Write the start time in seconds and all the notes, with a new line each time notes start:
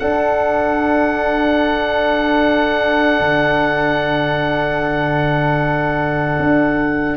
0.00 D4 A4 F#5
3.20 D3
6.39 D4